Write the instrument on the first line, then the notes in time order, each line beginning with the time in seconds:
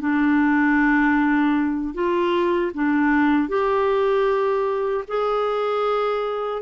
clarinet
0.00 D4
1.94 F4
2.74 D4
3.49 G4
5.07 G#4